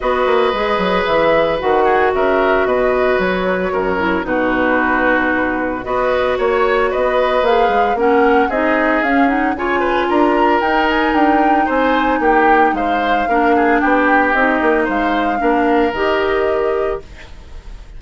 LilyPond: <<
  \new Staff \with { instrumentName = "flute" } { \time 4/4 \tempo 4 = 113 dis''2 e''4 fis''4 | e''4 dis''4 cis''2 | b'2. dis''4 | cis''4 dis''4 f''4 fis''4 |
dis''4 f''8 fis''8 gis''4 ais''4 | g''8 gis''8 g''4 gis''4 g''4 | f''2 g''4 dis''4 | f''2 dis''2 | }
  \new Staff \with { instrumentName = "oboe" } { \time 4/4 b'2.~ b'8 gis'8 | ais'4 b'2 ais'4 | fis'2. b'4 | cis''4 b'2 ais'4 |
gis'2 cis''8 b'8 ais'4~ | ais'2 c''4 g'4 | c''4 ais'8 gis'8 g'2 | c''4 ais'2. | }
  \new Staff \with { instrumentName = "clarinet" } { \time 4/4 fis'4 gis'2 fis'4~ | fis'2.~ fis'8 e'8 | dis'2. fis'4~ | fis'2 gis'4 cis'4 |
dis'4 cis'8 dis'8 f'2 | dis'1~ | dis'4 d'2 dis'4~ | dis'4 d'4 g'2 | }
  \new Staff \with { instrumentName = "bassoon" } { \time 4/4 b8 ais8 gis8 fis8 e4 dis4 | cis4 b,4 fis4 fis,4 | b,2. b4 | ais4 b4 ais8 gis8 ais4 |
c'4 cis'4 cis4 d'4 | dis'4 d'4 c'4 ais4 | gis4 ais4 b4 c'8 ais8 | gis4 ais4 dis2 | }
>>